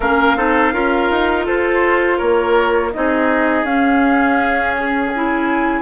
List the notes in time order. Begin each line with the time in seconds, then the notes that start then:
0.00 A#3 C#4 A#4 F5
0.36 C4 D#4 A4
0.73 C#4 F4 A#4
1.10 D#4
1.45 F4 A4 C5
2.17 A#3 A#4 C#5
2.92 C4 D#4 G#4 D#5
3.63 C#4 F5
4.76 G#4
5.09 E4 G#5